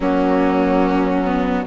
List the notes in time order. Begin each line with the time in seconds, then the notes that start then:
0.00 F#3 A#3 C#4 F#4
1.24 B3